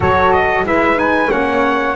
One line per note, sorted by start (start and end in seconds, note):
0.00 0.63 F#3
0.00 0.64 F#4
0.00 0.65 A4
0.00 0.32 C#5
0.32 0.65 D#5
0.63 1.28 G#3
0.63 0.95 E4
0.63 1.30 B4
0.63 0.98 E5
0.95 1.28 D#4
0.95 1.31 G#5
1.29 1.95 A#3
1.29 1.94 C#4
1.29 1.95 C#5
1.29 1.95 F#5